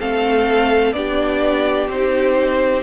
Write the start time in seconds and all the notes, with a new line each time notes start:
0.00 A3 C4 A4 F5
0.93 B3 D4 G4 D5
1.88 C4 D#4 C5